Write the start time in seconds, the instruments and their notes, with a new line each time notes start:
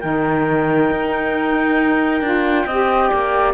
0.00 cello D#3, saxophone D#4, flute A#4, clarinet G5
0.91 cello D#4
2.21 cello D4, saxophone F4
2.66 cello C4, saxophone G4, flute D#5
3.09 cello A#3, flute D5